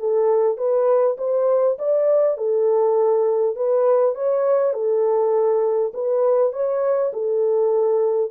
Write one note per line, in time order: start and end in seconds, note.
0.00 0.58 A4
0.58 1.17 B4
1.18 1.78 C5
1.79 2.38 D5
2.38 3.56 A4
3.56 4.16 B4
4.16 4.74 C#5
4.74 5.93 A4
5.94 6.53 B4
6.53 7.12 C#5
7.14 8.31 A4